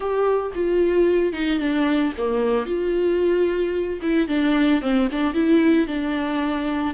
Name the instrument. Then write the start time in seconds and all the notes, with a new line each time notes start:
viola
0.00 G4
0.54 F4
1.32 D#4
1.59 D4
2.17 A#3
2.66 F4
4.02 E4
4.28 D4
4.81 C4
5.11 D4
5.34 E4
5.87 D4